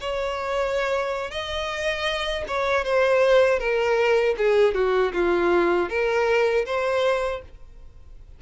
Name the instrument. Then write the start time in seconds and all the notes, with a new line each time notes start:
violin
0.00 C#5
1.30 D#5
2.47 C#5
2.84 C5
3.59 A#4
4.37 G#4
4.74 F#4
5.13 F4
5.89 A#4
6.66 C5